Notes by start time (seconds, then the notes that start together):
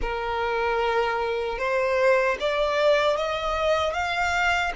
0.01 A#4
1.58 C5
2.39 D5
3.16 D#5
3.93 F5